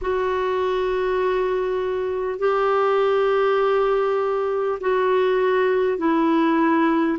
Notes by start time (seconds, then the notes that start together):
0.01 F#4
2.38 G4
4.80 F#4
5.98 E4